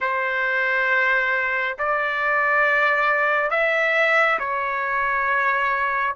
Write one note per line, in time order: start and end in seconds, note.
0.00 1.77 C5
1.78 3.50 D5
3.50 4.38 E5
4.39 6.15 C#5